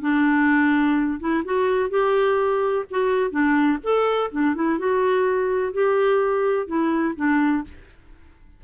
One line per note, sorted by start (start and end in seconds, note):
0.00 1.19 D4
1.19 1.43 E4
1.44 1.89 F#4
1.89 2.85 G4
2.90 3.30 F#4
3.30 3.78 D4
3.83 4.31 A4
4.31 4.55 D4
4.55 4.78 E4
4.78 5.73 F#4
5.73 6.66 G4
6.66 7.14 E4
7.16 7.63 D4